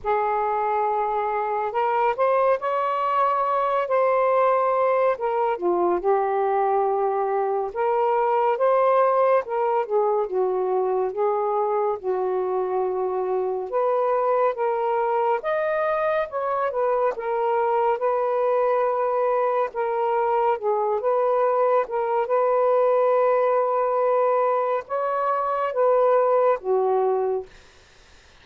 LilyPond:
\new Staff \with { instrumentName = "saxophone" } { \time 4/4 \tempo 4 = 70 gis'2 ais'8 c''8 cis''4~ | cis''8 c''4. ais'8 f'8 g'4~ | g'4 ais'4 c''4 ais'8 gis'8 | fis'4 gis'4 fis'2 |
b'4 ais'4 dis''4 cis''8 b'8 | ais'4 b'2 ais'4 | gis'8 b'4 ais'8 b'2~ | b'4 cis''4 b'4 fis'4 | }